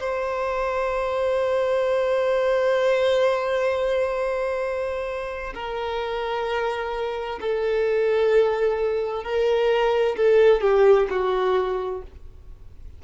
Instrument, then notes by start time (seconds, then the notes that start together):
violin
0.00 C5
5.55 A#4
7.41 A4
9.24 A#4
10.17 A4
10.62 G4
11.10 F#4